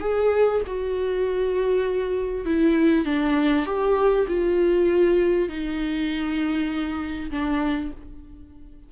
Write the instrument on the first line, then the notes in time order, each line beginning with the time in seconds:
viola
0.00 G#4
0.66 F#4
2.45 E4
3.05 D4
3.65 G4
4.27 F4
5.48 D#4
7.30 D4